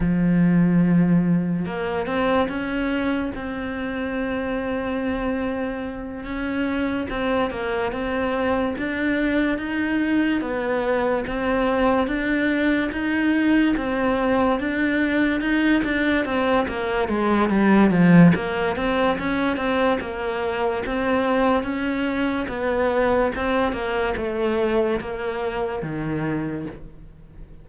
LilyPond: \new Staff \with { instrumentName = "cello" } { \time 4/4 \tempo 4 = 72 f2 ais8 c'8 cis'4 | c'2.~ c'8 cis'8~ | cis'8 c'8 ais8 c'4 d'4 dis'8~ | dis'8 b4 c'4 d'4 dis'8~ |
dis'8 c'4 d'4 dis'8 d'8 c'8 | ais8 gis8 g8 f8 ais8 c'8 cis'8 c'8 | ais4 c'4 cis'4 b4 | c'8 ais8 a4 ais4 dis4 | }